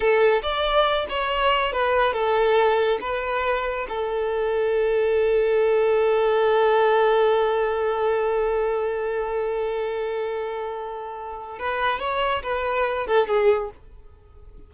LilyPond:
\new Staff \with { instrumentName = "violin" } { \time 4/4 \tempo 4 = 140 a'4 d''4. cis''4. | b'4 a'2 b'4~ | b'4 a'2.~ | a'1~ |
a'1~ | a'1~ | a'2. b'4 | cis''4 b'4. a'8 gis'4 | }